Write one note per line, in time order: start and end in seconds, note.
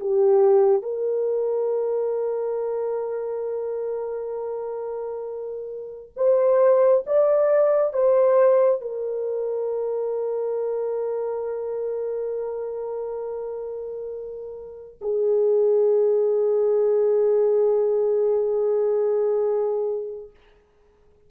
0.00 0.82 G4
0.82 6.12 A#4
6.16 7.04 C5
7.06 7.93 D5
7.93 8.81 C5
8.81 14.98 A#4
15.01 20.30 G#4